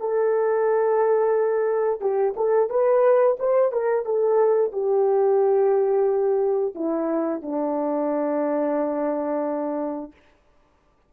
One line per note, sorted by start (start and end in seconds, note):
0.00 2.00 A4
2.00 2.34 G4
2.36 2.70 A4
2.70 3.37 B4
3.39 3.72 C5
3.72 4.05 A#4
4.05 4.72 A4
4.72 6.74 G4
6.74 7.42 E4
7.42 10.12 D4